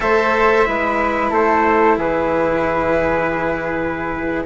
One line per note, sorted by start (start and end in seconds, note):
0.00 0.66 A3
0.00 0.65 A4
0.00 0.67 C5
0.00 1.31 E5
0.65 1.31 G#3
0.65 4.44 E4
0.65 1.30 B4
1.30 1.96 A3
1.30 1.96 A4
1.30 1.98 C5
1.96 4.44 E3
1.96 4.45 G#4
1.96 4.45 B4